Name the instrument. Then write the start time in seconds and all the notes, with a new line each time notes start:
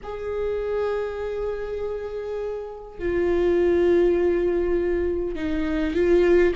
viola
0.03 G#4
2.98 F4
5.35 D#4
5.94 F4